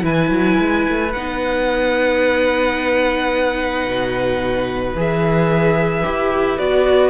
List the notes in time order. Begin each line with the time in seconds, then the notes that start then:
0.00 E3 E4 B4 G#5
0.30 F#3
0.59 G#3
0.88 A3
1.12 B3 D#4 F#5
3.85 B2
4.94 E3 G#4
5.00 E5
6.03 E4 G4
6.58 B3 F#4 D5